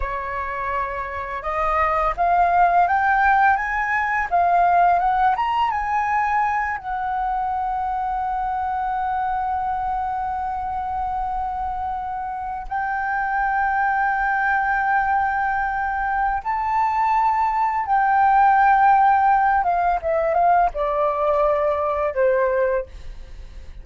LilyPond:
\new Staff \with { instrumentName = "flute" } { \time 4/4 \tempo 4 = 84 cis''2 dis''4 f''4 | g''4 gis''4 f''4 fis''8 ais''8 | gis''4. fis''2~ fis''8~ | fis''1~ |
fis''4.~ fis''16 g''2~ g''16~ | g''2. a''4~ | a''4 g''2~ g''8 f''8 | e''8 f''8 d''2 c''4 | }